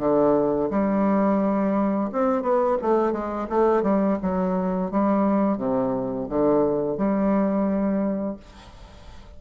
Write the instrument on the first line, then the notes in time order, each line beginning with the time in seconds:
bassoon
0.00 D3
0.71 G3
2.12 C4
2.43 B3
2.83 A3
3.13 G#3
3.50 A3
3.83 G3
4.23 F#3
4.92 G3
5.58 C3
6.29 D3
6.98 G3